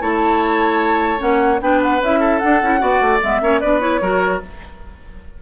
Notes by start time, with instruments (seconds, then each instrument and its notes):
0.00 bassoon A3, clarinet E4, oboe C#5, flute A5
1.18 bassoon A#3, clarinet C#4, flute F#5
1.60 bassoon B3, clarinet D4, oboe B4, flute G5
1.82 flute F#5
2.00 bassoon C#4, clarinet E4, flute E5
2.20 oboe A4
2.39 clarinet D4, bassoon D4, flute F#5
2.62 bassoon C#4, clarinet E4
2.79 bassoon B3, clarinet F#4, oboe D5
3.00 bassoon A3
3.22 bassoon G#3, clarinet B3, flute E5
3.41 bassoon A#3, clarinet C#4, oboe C#5
3.60 bassoon B3, clarinet D4, oboe B4, flute D5
3.80 clarinet E4, flute C#5
4.01 bassoon F#3, clarinet F#4, oboe A#4